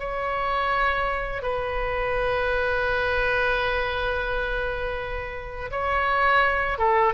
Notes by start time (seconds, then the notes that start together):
0.00 C#5
1.43 B4
5.71 C#5
6.79 A4